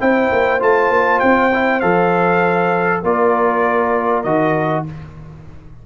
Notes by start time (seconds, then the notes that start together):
0.00 C4 E4 C5 G5
0.32 A#3
0.59 A3 F4 A5
0.90 A#3
1.19 C4 G5
1.54 E4
1.80 F3 A4 F5
3.02 A#3 F4 A#4 D5
4.23 D#3 F#4 D#5